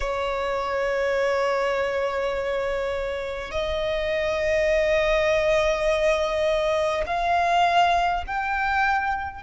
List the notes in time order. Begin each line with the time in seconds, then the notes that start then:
0.00 C#5
3.51 D#5
7.06 F5
8.27 G5